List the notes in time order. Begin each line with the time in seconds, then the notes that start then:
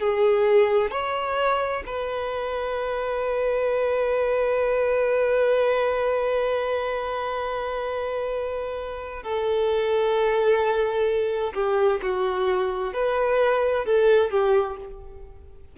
0.00 G#4
0.91 C#5
1.86 B4
9.23 A4
11.54 G4
12.02 F#4
12.93 B4
13.85 A4
14.30 G4